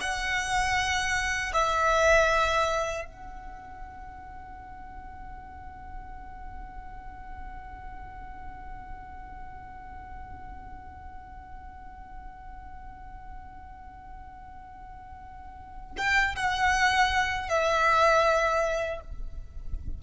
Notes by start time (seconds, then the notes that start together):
0.00 F#5
1.53 E5
3.04 F#5
15.97 G5
16.35 F#5
17.49 E5